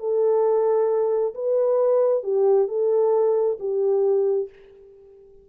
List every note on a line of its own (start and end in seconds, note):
0.00 1.34 A4
1.35 2.24 B4
2.24 2.68 G4
2.68 3.58 A4
3.60 4.50 G4